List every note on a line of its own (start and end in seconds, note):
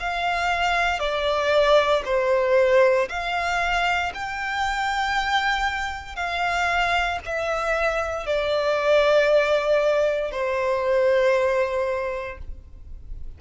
0.00 0.99 F5
0.99 2.03 D5
2.05 3.09 C5
3.09 4.12 F5
4.15 6.16 G5
6.16 7.19 F5
7.26 8.27 E5
8.27 10.32 D5
10.32 12.39 C5